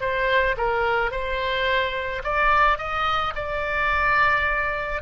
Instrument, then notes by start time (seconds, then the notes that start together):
oboe
0.00 C5
0.57 A#4
1.11 C5
2.23 D5
2.78 D#5
3.35 D5